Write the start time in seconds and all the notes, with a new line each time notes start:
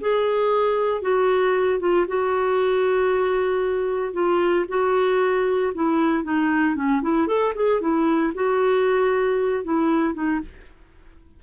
0.00 G#4
1.01 F#4
1.79 F4
2.07 F#4
4.13 F4
4.68 F#4
5.74 E4
6.23 D#4
6.75 C#4
7.02 E4
7.27 A4
7.55 G#4
7.80 E4
8.34 F#4
9.64 E4
10.14 D#4